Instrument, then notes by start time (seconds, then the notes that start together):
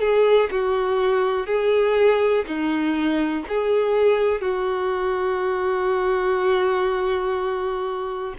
violin
0.00 G#4
0.51 F#4
1.46 G#4
2.47 D#4
3.48 G#4
4.41 F#4